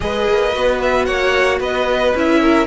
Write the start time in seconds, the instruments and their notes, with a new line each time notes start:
0.00 cello G#3, viola G#4, violin B4 D#5
0.29 cello A#3
0.53 cello B3, viola F#4
0.81 violin E5
1.05 cello A#3, violin C#5 F#5
1.60 cello B3, violin B4 D#5
2.14 cello C#4, viola E4, violin E5
2.40 violin A#4